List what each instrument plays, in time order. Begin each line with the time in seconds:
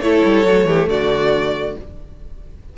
0.00 cello A3, viola E4, violin A4 C#5
0.24 cello G3
0.45 cello F#3, viola A3
0.65 cello E3, violin G4
0.87 cello D3, violin F#4 D5